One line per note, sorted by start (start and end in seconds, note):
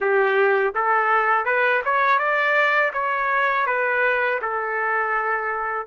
0.00 0.74 G4
0.74 1.45 A4
1.45 1.81 B4
1.85 2.18 C#5
2.18 2.91 D5
2.93 3.66 C#5
3.66 4.39 B4
4.41 5.86 A4